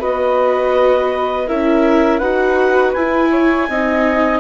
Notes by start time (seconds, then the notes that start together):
0.00 B3 F#4 B4 D#5
1.47 C#4 E4 A#4 E5
2.19 D#4 F#4 B4 F#5
2.94 E4 G#5
3.32 C#5
3.70 C4 D#4 D#5